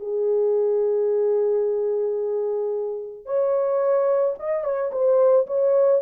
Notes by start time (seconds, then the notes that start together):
0.00 G#4
3.25 C#5
4.39 D#5
4.64 C#5
4.92 C5
5.47 C#5